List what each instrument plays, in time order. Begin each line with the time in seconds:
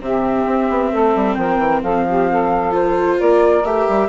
0.00 bassoon C3, viola C4, saxophone G4, flute E5
0.46 bassoon C4
0.69 bassoon B3
0.91 bassoon A3, saxophone A4
1.15 bassoon G3
1.34 bassoon F3, saxophone A#4, flute G5
1.59 bassoon E3
1.82 bassoon F3, saxophone A4, flute F5
2.08 saxophone G4
2.30 saxophone A4
2.71 viola F4, flute C5
3.18 bassoon A#3, saxophone A#4, flute D5
3.64 bassoon A3, viola G4, flute E5
3.88 bassoon G3